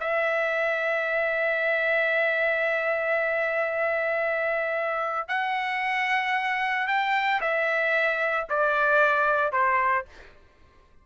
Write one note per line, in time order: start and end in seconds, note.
0.00 5.28 E5
5.28 6.87 F#5
6.87 7.40 G5
7.40 8.47 E5
8.49 9.52 D5
9.52 10.05 C5